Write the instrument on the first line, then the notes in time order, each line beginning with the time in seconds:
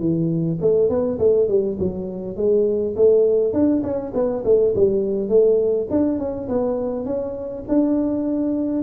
tuba
0.00 E3
0.62 A3
0.90 B3
1.19 A3
1.49 G3
1.79 F#3
2.37 G#3
2.96 A3
3.53 D4
3.83 C#4
4.14 B3
4.45 A3
4.75 G3
5.29 A3
5.91 D4
6.19 C#4
6.49 B3
7.06 C#4
7.69 D4